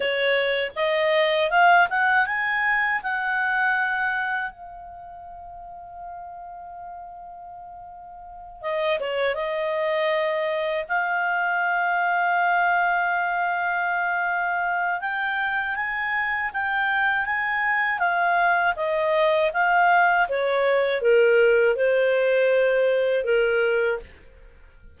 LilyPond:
\new Staff \with { instrumentName = "clarinet" } { \time 4/4 \tempo 4 = 80 cis''4 dis''4 f''8 fis''8 gis''4 | fis''2 f''2~ | f''2.~ f''8 dis''8 | cis''8 dis''2 f''4.~ |
f''1 | g''4 gis''4 g''4 gis''4 | f''4 dis''4 f''4 cis''4 | ais'4 c''2 ais'4 | }